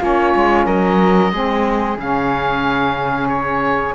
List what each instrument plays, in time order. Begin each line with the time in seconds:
0.00 cello A#3, saxophone C#4, flute F4, oboe C#5
0.36 cello G#3
0.66 cello F#3, flute A#4, oboe D#5
1.32 cello G#3, saxophone C4, flute G#4
1.97 cello C#3, saxophone C#4, oboe F5
3.28 oboe C#5